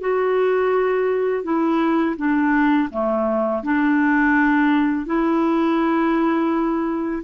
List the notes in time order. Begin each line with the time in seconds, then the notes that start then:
0.00 F#4
1.43 E4
2.16 D4
2.90 A3
3.63 D4
5.06 E4